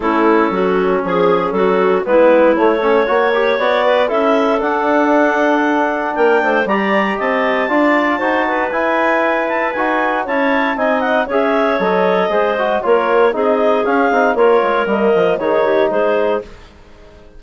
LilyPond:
<<
  \new Staff \with { instrumentName = "clarinet" } { \time 4/4 \tempo 4 = 117 a'2 gis'4 a'4 | b'4 cis''2 d''4 | e''4 fis''2. | g''4 ais''4 a''2~ |
a''4 gis''4. a''8 gis''4 | a''4 gis''8 fis''8 e''4 dis''4~ | dis''4 cis''4 dis''4 f''4 | cis''4 dis''4 cis''4 c''4 | }
  \new Staff \with { instrumentName = "clarinet" } { \time 4/4 e'4 fis'4 gis'4 fis'4 | e'4. a'8 cis''4. b'8 | a'1 | ais'8 c''8 d''4 dis''4 d''4 |
c''8 b'2.~ b'8 | cis''4 dis''4 cis''2 | c''4 ais'4 gis'2 | ais'2 gis'8 g'8 gis'4 | }
  \new Staff \with { instrumentName = "trombone" } { \time 4/4 cis'1 | b4 a8 cis'8 fis'8 g'8 fis'4 | e'4 d'2.~ | d'4 g'2 f'4 |
fis'4 e'2 fis'4 | e'4 dis'4 gis'4 a'4 | gis'8 fis'8 f'4 dis'4 cis'8 dis'8 | f'4 ais4 dis'2 | }
  \new Staff \with { instrumentName = "bassoon" } { \time 4/4 a4 fis4 f4 fis4 | gis4 a4 ais4 b4 | cis'4 d'2. | ais8 a8 g4 c'4 d'4 |
dis'4 e'2 dis'4 | cis'4 c'4 cis'4 fis4 | gis4 ais4 c'4 cis'8 c'8 | ais8 gis8 g8 f8 dis4 gis4 | }
>>